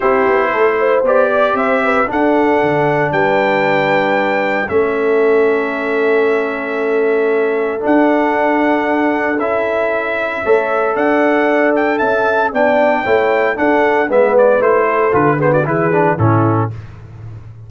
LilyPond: <<
  \new Staff \with { instrumentName = "trumpet" } { \time 4/4 \tempo 4 = 115 c''2 d''4 e''4 | fis''2 g''2~ | g''4 e''2.~ | e''2. fis''4~ |
fis''2 e''2~ | e''4 fis''4. g''8 a''4 | g''2 fis''4 e''8 d''8 | c''4 b'8 c''16 d''16 b'4 a'4 | }
  \new Staff \with { instrumentName = "horn" } { \time 4/4 g'4 a'8 c''4 d''8 c''8 b'8 | a'2 b'2~ | b'4 a'2.~ | a'1~ |
a'1 | cis''4 d''2 e''4 | d''4 cis''4 a'4 b'4~ | b'8 a'4 gis'16 fis'16 gis'4 e'4 | }
  \new Staff \with { instrumentName = "trombone" } { \time 4/4 e'2 g'2 | d'1~ | d'4 cis'2.~ | cis'2. d'4~ |
d'2 e'2 | a'1 | d'4 e'4 d'4 b4 | e'4 f'8 b8 e'8 d'8 cis'4 | }
  \new Staff \with { instrumentName = "tuba" } { \time 4/4 c'8 b8 a4 b4 c'4 | d'4 d4 g2~ | g4 a2.~ | a2. d'4~ |
d'2 cis'2 | a4 d'2 cis'4 | b4 a4 d'4 gis4 | a4 d4 e4 a,4 | }
>>